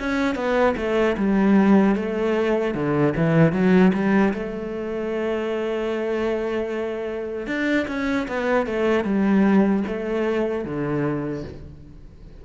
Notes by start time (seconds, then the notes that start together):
0.00 C#4
0.36 B3
0.77 A3
1.17 G3
1.96 A3
2.75 D3
3.17 E3
3.53 F#3
3.94 G3
4.34 A3
7.47 D4
7.88 C#4
8.28 B3
8.67 A3
9.05 G3
9.87 A3
10.65 D3